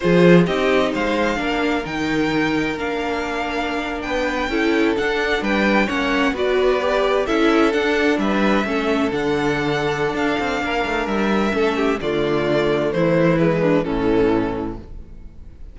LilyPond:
<<
  \new Staff \with { instrumentName = "violin" } { \time 4/4 \tempo 4 = 130 c''4 dis''4 f''2 | g''2 f''2~ | f''8. g''2 fis''4 g''16~ | g''8. fis''4 d''2 e''16~ |
e''8. fis''4 e''2 fis''16~ | fis''2 f''2 | e''2 d''2 | c''4 b'4 a'2 | }
  \new Staff \with { instrumentName = "violin" } { \time 4/4 gis'4 g'4 c''4 ais'4~ | ais'1~ | ais'8. b'4 a'2 b'16~ | b'8. cis''4 b'2 a'16~ |
a'4.~ a'16 b'4 a'4~ a'16~ | a'2. ais'4~ | ais'4 a'8 g'8 f'2 | e'4. d'8 cis'2 | }
  \new Staff \with { instrumentName = "viola" } { \time 4/4 f'4 dis'2 d'4 | dis'2 d'2~ | d'4.~ d'16 e'4 d'4~ d'16~ | d'8. cis'4 fis'4 g'4 e'16~ |
e'8. d'2 cis'4 d'16~ | d'1~ | d'4 cis'4 a2~ | a4 gis4 e2 | }
  \new Staff \with { instrumentName = "cello" } { \time 4/4 f4 c'4 gis4 ais4 | dis2 ais2~ | ais8. b4 cis'4 d'4 g16~ | g8. ais4 b2 cis'16~ |
cis'8. d'4 g4 a4 d16~ | d2 d'8 c'8 ais8 a8 | g4 a4 d2 | e2 a,2 | }
>>